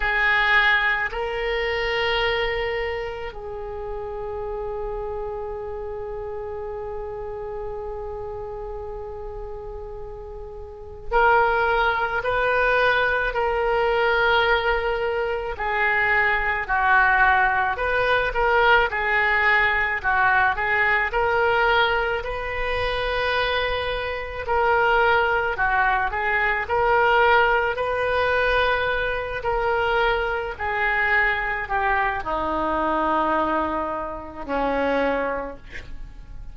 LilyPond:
\new Staff \with { instrumentName = "oboe" } { \time 4/4 \tempo 4 = 54 gis'4 ais'2 gis'4~ | gis'1~ | gis'2 ais'4 b'4 | ais'2 gis'4 fis'4 |
b'8 ais'8 gis'4 fis'8 gis'8 ais'4 | b'2 ais'4 fis'8 gis'8 | ais'4 b'4. ais'4 gis'8~ | gis'8 g'8 dis'2 cis'4 | }